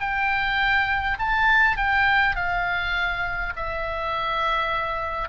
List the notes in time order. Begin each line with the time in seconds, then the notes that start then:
0.00 G5
1.19 A5
1.76 G5
2.35 F5
3.56 E5